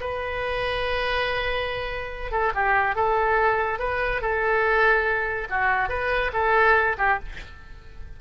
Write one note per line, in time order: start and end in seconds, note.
0.00 2.31 B4
2.31 2.52 A4
2.54 2.95 G4
2.95 3.79 A4
3.79 4.21 B4
4.21 5.48 A4
5.49 5.89 F#4
5.89 6.31 B4
6.33 6.96 A4
6.97 7.19 G4